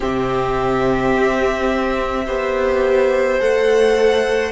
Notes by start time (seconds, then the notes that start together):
0.00 C3 C4 G4 E5
1.17 C4
2.26 B3 G4 C5
3.39 A3 A4 F#5